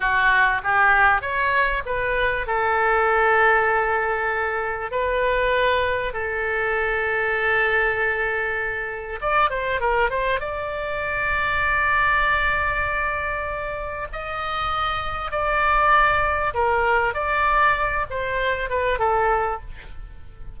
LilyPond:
\new Staff \with { instrumentName = "oboe" } { \time 4/4 \tempo 4 = 98 fis'4 g'4 cis''4 b'4 | a'1 | b'2 a'2~ | a'2. d''8 c''8 |
ais'8 c''8 d''2.~ | d''2. dis''4~ | dis''4 d''2 ais'4 | d''4. c''4 b'8 a'4 | }